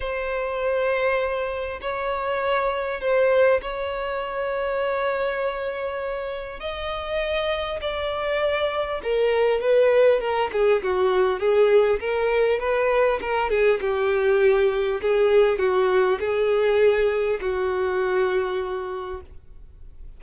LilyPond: \new Staff \with { instrumentName = "violin" } { \time 4/4 \tempo 4 = 100 c''2. cis''4~ | cis''4 c''4 cis''2~ | cis''2. dis''4~ | dis''4 d''2 ais'4 |
b'4 ais'8 gis'8 fis'4 gis'4 | ais'4 b'4 ais'8 gis'8 g'4~ | g'4 gis'4 fis'4 gis'4~ | gis'4 fis'2. | }